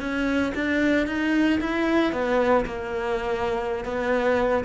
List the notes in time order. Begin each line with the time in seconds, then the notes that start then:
0.00 C#4
0.55 D4
1.07 D#4
1.61 E4
2.12 B3
2.66 A#3
3.85 B3